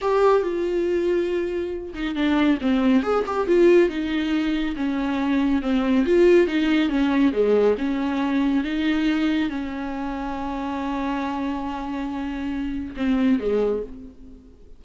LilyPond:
\new Staff \with { instrumentName = "viola" } { \time 4/4 \tempo 4 = 139 g'4 f'2.~ | f'8 dis'8 d'4 c'4 gis'8 g'8 | f'4 dis'2 cis'4~ | cis'4 c'4 f'4 dis'4 |
cis'4 gis4 cis'2 | dis'2 cis'2~ | cis'1~ | cis'2 c'4 gis4 | }